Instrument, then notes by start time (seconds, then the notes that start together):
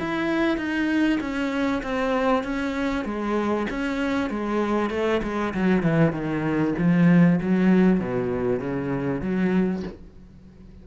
cello
0.00 E4
0.57 D#4
1.21 C#4
1.83 C4
2.44 C#4
3.05 G#3
3.70 C#4
4.30 G#3
4.90 A3
5.23 G#3
5.54 F#3
5.83 E3
6.13 D#3
6.78 F3
7.41 F#3
8.00 B2
8.60 C#3
9.21 F#3